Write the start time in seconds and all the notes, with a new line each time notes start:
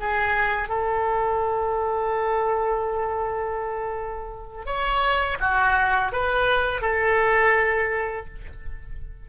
0.00 G#4
0.68 A4
4.66 C#5
5.40 F#4
6.12 B4
6.81 A4